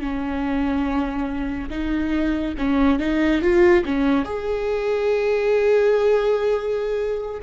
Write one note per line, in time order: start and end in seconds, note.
0.00 1.69 C#4
1.70 2.54 D#4
2.58 2.99 C#4
2.99 3.41 D#4
3.41 3.84 F4
3.85 4.25 C#4
4.25 7.42 G#4